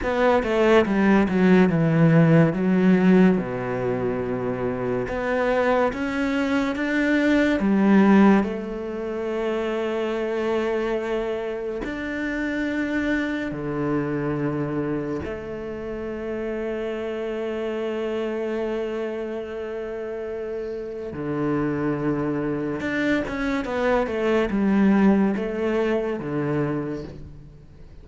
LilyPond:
\new Staff \with { instrumentName = "cello" } { \time 4/4 \tempo 4 = 71 b8 a8 g8 fis8 e4 fis4 | b,2 b4 cis'4 | d'4 g4 a2~ | a2 d'2 |
d2 a2~ | a1~ | a4 d2 d'8 cis'8 | b8 a8 g4 a4 d4 | }